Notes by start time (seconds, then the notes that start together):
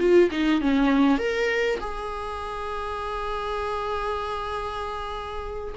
0.00 F4
0.31 D#4
0.61 C#4
1.19 A#4
1.81 G#4